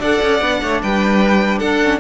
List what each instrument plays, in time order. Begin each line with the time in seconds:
0.00 cello D4, viola A4, violin D5 F#5
0.23 cello C#4
0.41 cello B3, viola D4
0.62 cello A3, violin C#5
0.83 cello G3, violin B4 G5
1.59 cello D4, violin A4 F#5
1.83 viola C#4